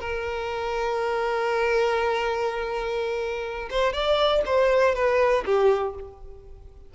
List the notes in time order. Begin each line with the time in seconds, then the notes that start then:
0.00 A#4
3.70 C5
3.93 D5
4.46 C5
4.95 B4
5.45 G4